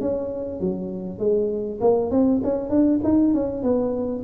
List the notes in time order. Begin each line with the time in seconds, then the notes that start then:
0.00 C#4
0.60 F#3
1.19 G#3
1.81 A#3
2.11 C4
2.44 C#4
2.69 D4
3.04 D#4
3.34 C#4
3.63 B3